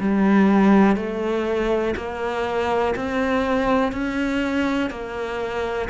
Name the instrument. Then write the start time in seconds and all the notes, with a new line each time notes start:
cello
0.00 G3
0.97 A3
1.97 A#3
2.96 C4
3.93 C#4
4.90 A#3